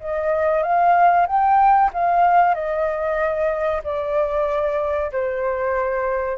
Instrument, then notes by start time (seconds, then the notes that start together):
flute
0.00 D#5
0.63 F5
1.27 G5
1.93 F5
2.54 D#5
3.84 D5
5.12 C5